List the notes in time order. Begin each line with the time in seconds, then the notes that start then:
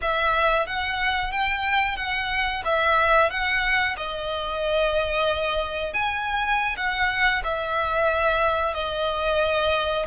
0.01 E5
0.66 F#5
1.31 G5
1.96 F#5
2.64 E5
3.30 F#5
3.97 D#5
5.93 G#5
6.76 F#5
7.43 E5
8.74 D#5